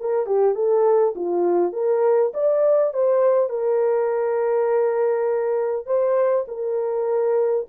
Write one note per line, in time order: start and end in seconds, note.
0.00 0.26 A#4
0.26 0.55 G4
0.55 1.14 A4
1.15 1.72 F4
1.72 2.32 A#4
2.33 2.93 D5
2.93 3.49 C5
3.49 5.86 A#4
5.86 6.45 C5
6.48 7.66 A#4